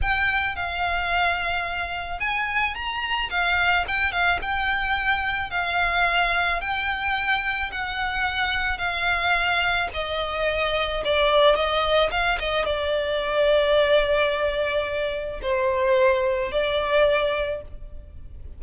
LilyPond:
\new Staff \with { instrumentName = "violin" } { \time 4/4 \tempo 4 = 109 g''4 f''2. | gis''4 ais''4 f''4 g''8 f''8 | g''2 f''2 | g''2 fis''2 |
f''2 dis''2 | d''4 dis''4 f''8 dis''8 d''4~ | d''1 | c''2 d''2 | }